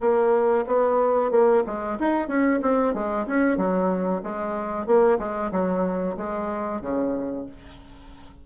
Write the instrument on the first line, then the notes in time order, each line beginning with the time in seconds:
bassoon
0.00 A#3
0.66 B3
1.31 A#3
1.66 G#3
1.99 D#4
2.28 C#4
2.62 C4
2.94 G#3
3.26 C#4
3.57 F#3
4.23 G#3
4.86 A#3
5.18 G#3
5.51 F#3
6.16 G#3
6.81 C#3